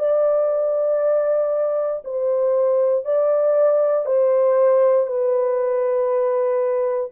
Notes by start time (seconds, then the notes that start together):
0.00 D5
2.05 C5
3.05 D5
4.06 C5
5.08 B4